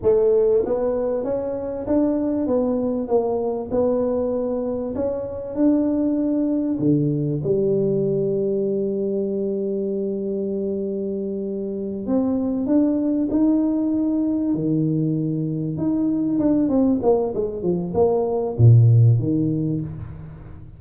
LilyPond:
\new Staff \with { instrumentName = "tuba" } { \time 4/4 \tempo 4 = 97 a4 b4 cis'4 d'4 | b4 ais4 b2 | cis'4 d'2 d4 | g1~ |
g2.~ g8 c'8~ | c'8 d'4 dis'2 dis8~ | dis4. dis'4 d'8 c'8 ais8 | gis8 f8 ais4 ais,4 dis4 | }